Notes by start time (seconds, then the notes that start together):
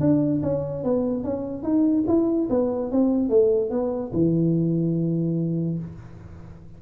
0.00 D4
0.42 C#4
0.84 B3
1.23 C#4
1.63 D#4
2.07 E4
2.49 B3
2.91 C4
3.29 A3
3.70 B3
4.13 E3